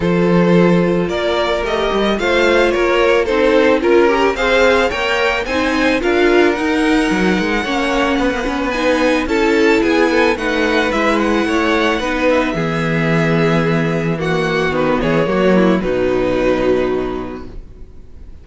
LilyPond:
<<
  \new Staff \with { instrumentName = "violin" } { \time 4/4 \tempo 4 = 110 c''2 d''4 dis''4 | f''4 cis''4 c''4 ais'4 | f''4 g''4 gis''4 f''4 | fis''1 |
gis''4 a''4 gis''4 fis''4 | e''8 fis''2 e''4.~ | e''2 fis''4 b'8 cis''8~ | cis''4 b'2. | }
  \new Staff \with { instrumentName = "violin" } { \time 4/4 a'2 ais'2 | c''4 ais'4 a'4 ais'4 | c''4 cis''4 c''4 ais'4~ | ais'2 cis''4 b'4~ |
b'4 a'4 gis'8 a'8 b'4~ | b'4 cis''4 b'4 gis'4~ | gis'2 fis'4. gis'8 | fis'8 e'8 dis'2. | }
  \new Staff \with { instrumentName = "viola" } { \time 4/4 f'2. g'4 | f'2 dis'4 f'8 g'8 | gis'4 ais'4 dis'4 f'4 | dis'2 cis'4~ cis'16 b16 cis'8 |
dis'4 e'2 dis'4 | e'2 dis'4 b4~ | b2 ais4 b4 | ais4 fis2. | }
  \new Staff \with { instrumentName = "cello" } { \time 4/4 f2 ais4 a8 g8 | a4 ais4 c'4 cis'4 | c'4 ais4 c'4 d'4 | dis'4 fis8 gis8 ais4 b16 ais16 b8~ |
b4 cis'4 b4 a4 | gis4 a4 b4 e4~ | e2. dis8 e8 | fis4 b,2. | }
>>